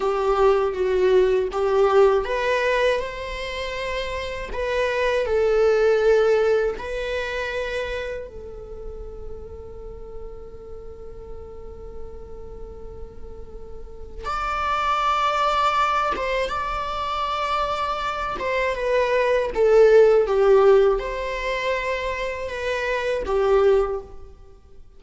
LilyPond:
\new Staff \with { instrumentName = "viola" } { \time 4/4 \tempo 4 = 80 g'4 fis'4 g'4 b'4 | c''2 b'4 a'4~ | a'4 b'2 a'4~ | a'1~ |
a'2. d''4~ | d''4. c''8 d''2~ | d''8 c''8 b'4 a'4 g'4 | c''2 b'4 g'4 | }